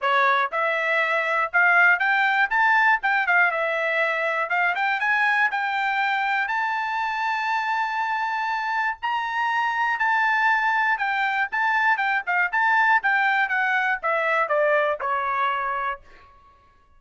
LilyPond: \new Staff \with { instrumentName = "trumpet" } { \time 4/4 \tempo 4 = 120 cis''4 e''2 f''4 | g''4 a''4 g''8 f''8 e''4~ | e''4 f''8 g''8 gis''4 g''4~ | g''4 a''2.~ |
a''2 ais''2 | a''2 g''4 a''4 | g''8 f''8 a''4 g''4 fis''4 | e''4 d''4 cis''2 | }